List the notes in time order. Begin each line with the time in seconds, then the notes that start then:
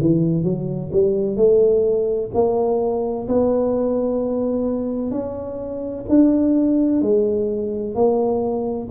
0.00 E3
0.43 F#3
0.92 G3
1.36 A3
2.34 A#3
3.28 B3
5.11 C#4
6.08 D4
7.01 G#3
7.94 A#3